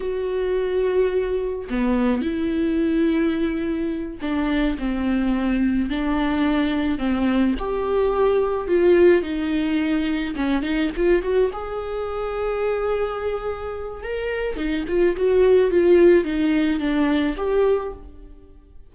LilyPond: \new Staff \with { instrumentName = "viola" } { \time 4/4 \tempo 4 = 107 fis'2. b4 | e'2.~ e'8 d'8~ | d'8 c'2 d'4.~ | d'8 c'4 g'2 f'8~ |
f'8 dis'2 cis'8 dis'8 f'8 | fis'8 gis'2.~ gis'8~ | gis'4 ais'4 dis'8 f'8 fis'4 | f'4 dis'4 d'4 g'4 | }